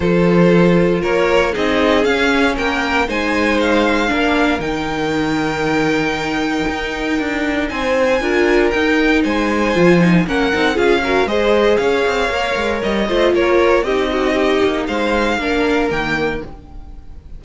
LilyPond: <<
  \new Staff \with { instrumentName = "violin" } { \time 4/4 \tempo 4 = 117 c''2 cis''4 dis''4 | f''4 g''4 gis''4 f''4~ | f''4 g''2.~ | g''2. gis''4~ |
gis''4 g''4 gis''2 | fis''4 f''4 dis''4 f''4~ | f''4 dis''4 cis''4 dis''4~ | dis''4 f''2 g''4 | }
  \new Staff \with { instrumentName = "violin" } { \time 4/4 a'2 ais'4 gis'4~ | gis'4 ais'4 c''2 | ais'1~ | ais'2. c''4 |
ais'2 c''2 | ais'4 gis'8 ais'8 c''4 cis''4~ | cis''4. c''8 ais'4 g'8 fis'8 | g'4 c''4 ais'2 | }
  \new Staff \with { instrumentName = "viola" } { \time 4/4 f'2. dis'4 | cis'2 dis'2 | d'4 dis'2.~ | dis'1 |
f'4 dis'2 f'8 dis'8 | cis'8 dis'8 f'8 fis'8 gis'2 | ais'4. f'4. dis'4~ | dis'2 d'4 ais4 | }
  \new Staff \with { instrumentName = "cello" } { \time 4/4 f2 ais4 c'4 | cis'4 ais4 gis2 | ais4 dis2.~ | dis4 dis'4 d'4 c'4 |
d'4 dis'4 gis4 f4 | ais8 c'8 cis'4 gis4 cis'8 c'8 | ais8 gis8 g8 a8 ais4 c'4~ | c'8 ais8 gis4 ais4 dis4 | }
>>